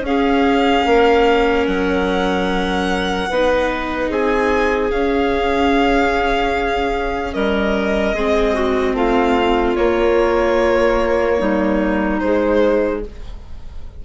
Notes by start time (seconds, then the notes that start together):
0.00 C#4 G#4 F5
0.86 A#3 A#4
1.67 F#3 F#5
3.29 B3 D#4 B4
4.09 C4 G#4 G#5
4.91 C#4 F5
7.33 G3 A#4 D#5
8.13 G#3 C4 G#4
8.54 F#4
8.93 A3 F4 F5
9.76 A#3 C#5
11.39 G3 D#4
12.19 G#3 C5